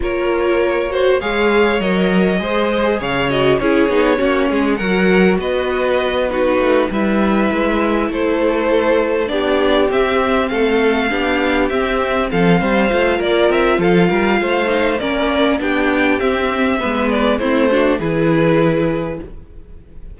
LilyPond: <<
  \new Staff \with { instrumentName = "violin" } { \time 4/4 \tempo 4 = 100 cis''2 f''4 dis''4~ | dis''4 f''8 dis''8 cis''2 | fis''4 dis''4. b'4 e''8~ | e''4. c''2 d''8~ |
d''8 e''4 f''2 e''8~ | e''8 f''4. d''8 e''8 f''4~ | f''4 d''4 g''4 e''4~ | e''8 d''8 c''4 b'2 | }
  \new Staff \with { instrumentName = "violin" } { \time 4/4 ais'4. c''8 cis''2 | c''4 cis''4 gis'4 fis'8 gis'8 | ais'4 b'4. fis'4 b'8~ | b'4. a'2 g'8~ |
g'4. a'4 g'4.~ | g'8 a'8 c''4 ais'4 a'8 ais'8 | c''4 ais'4 g'2 | b'4 e'8 fis'8 gis'2 | }
  \new Staff \with { instrumentName = "viola" } { \time 4/4 f'4. fis'8 gis'4 ais'4 | gis'4. fis'8 e'8 dis'8 cis'4 | fis'2~ fis'8 dis'4 e'8~ | e'2.~ e'8 d'8~ |
d'8 c'2 d'4 c'8~ | c'4. f'2~ f'8~ | f'8 dis'8 cis'4 d'4 c'4 | b4 c'8 d'8 e'2 | }
  \new Staff \with { instrumentName = "cello" } { \time 4/4 ais2 gis4 fis4 | gis4 cis4 cis'8 b8 ais8 gis8 | fis4 b2 a8 g8~ | g8 gis4 a2 b8~ |
b8 c'4 a4 b4 c'8~ | c'8 f8 g8 a8 ais8 c'8 f8 g8 | a4 ais4 b4 c'4 | gis4 a4 e2 | }
>>